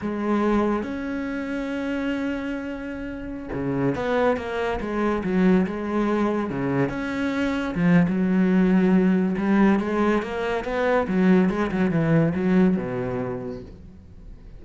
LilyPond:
\new Staff \with { instrumentName = "cello" } { \time 4/4 \tempo 4 = 141 gis2 cis'2~ | cis'1~ | cis'16 cis4 b4 ais4 gis8.~ | gis16 fis4 gis2 cis8.~ |
cis16 cis'2 f8. fis4~ | fis2 g4 gis4 | ais4 b4 fis4 gis8 fis8 | e4 fis4 b,2 | }